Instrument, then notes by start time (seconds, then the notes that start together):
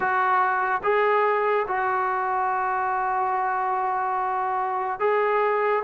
trombone
0.00 F#4
0.83 G#4
1.67 F#4
4.99 G#4